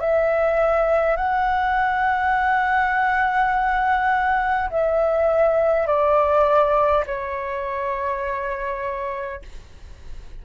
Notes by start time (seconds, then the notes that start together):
0.00 E5
1.17 F#5
4.70 E5
5.87 D5
7.06 C#5